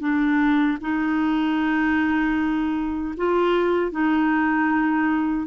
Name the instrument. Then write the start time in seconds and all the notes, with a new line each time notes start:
clarinet
0.00 D4
0.81 D#4
3.17 F4
3.91 D#4